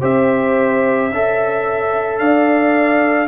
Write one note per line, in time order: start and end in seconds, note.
0.00 1.10 C4
0.00 1.10 G4
0.00 1.09 C5
0.00 2.18 E5
1.10 2.19 C#4
1.10 3.27 A4
1.10 2.20 E5
2.18 3.27 D4
2.18 3.27 D5
2.18 3.27 F5